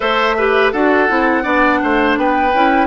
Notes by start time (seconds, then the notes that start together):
0.00 A3 A4 C5 E5
0.37 G4 B4
0.72 D4 F#4 A4 F#5
1.08 C4 E4
1.42 B3 D4 D5
1.82 A3 C5
2.17 B3 B4 G5
2.53 C#4 E4